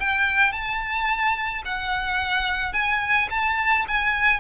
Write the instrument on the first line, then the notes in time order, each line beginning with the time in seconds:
violin
0.00 G5
0.52 A5
1.65 F#5
2.73 G#5
3.31 A5
3.88 G#5